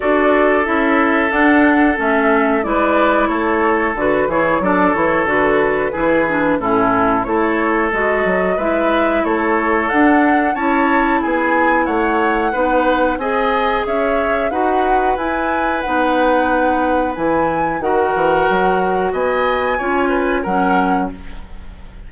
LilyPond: <<
  \new Staff \with { instrumentName = "flute" } { \time 4/4 \tempo 4 = 91 d''4 e''4 fis''4 e''4 | d''4 cis''4 b'8 cis''8 d''8 cis''8 | b'2 a'4 cis''4 | dis''4 e''4 cis''4 fis''4 |
a''4 gis''4 fis''2 | gis''4 e''4 fis''4 gis''4 | fis''2 gis''4 fis''4~ | fis''4 gis''2 fis''4 | }
  \new Staff \with { instrumentName = "oboe" } { \time 4/4 a'1 | b'4 a'4. gis'8 a'4~ | a'4 gis'4 e'4 a'4~ | a'4 b'4 a'2 |
cis''4 gis'4 cis''4 b'4 | dis''4 cis''4 b'2~ | b'2. ais'4~ | ais'4 dis''4 cis''8 b'8 ais'4 | }
  \new Staff \with { instrumentName = "clarinet" } { \time 4/4 fis'4 e'4 d'4 cis'4 | e'2 fis'8 e'8 d'8 e'8 | fis'4 e'8 d'8 cis'4 e'4 | fis'4 e'2 d'4 |
e'2. dis'4 | gis'2 fis'4 e'4 | dis'2 e'4 fis'4~ | fis'2 f'4 cis'4 | }
  \new Staff \with { instrumentName = "bassoon" } { \time 4/4 d'4 cis'4 d'4 a4 | gis4 a4 d8 e8 fis8 e8 | d4 e4 a,4 a4 | gis8 fis8 gis4 a4 d'4 |
cis'4 b4 a4 b4 | c'4 cis'4 dis'4 e'4 | b2 e4 dis8 e8 | fis4 b4 cis'4 fis4 | }
>>